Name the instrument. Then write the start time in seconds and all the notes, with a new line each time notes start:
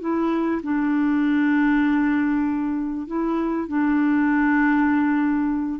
clarinet
0.00 E4
0.63 D4
3.07 E4
3.68 D4